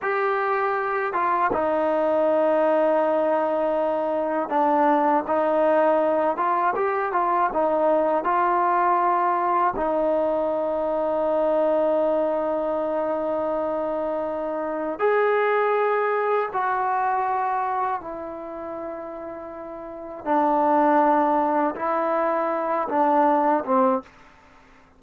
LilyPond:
\new Staff \with { instrumentName = "trombone" } { \time 4/4 \tempo 4 = 80 g'4. f'8 dis'2~ | dis'2 d'4 dis'4~ | dis'8 f'8 g'8 f'8 dis'4 f'4~ | f'4 dis'2.~ |
dis'1 | gis'2 fis'2 | e'2. d'4~ | d'4 e'4. d'4 c'8 | }